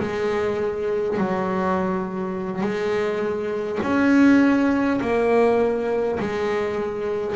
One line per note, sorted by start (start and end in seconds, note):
0.00 1.18 G#3
1.18 2.61 F#3
2.61 3.79 G#3
3.82 5.00 C#4
5.01 6.19 A#3
6.20 7.35 G#3